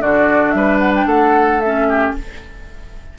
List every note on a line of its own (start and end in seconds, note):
0.00 0.53 D3
0.00 1.61 D4
0.00 0.55 F#4
0.00 0.51 D5
0.51 1.06 G3
0.51 0.78 E5
0.57 1.06 B4
0.79 0.92 F#5
0.95 1.08 G5
1.06 2.13 A3
1.06 1.87 A4
1.06 1.61 F#5
1.61 2.18 C#4
1.61 2.14 E5
1.89 2.16 G4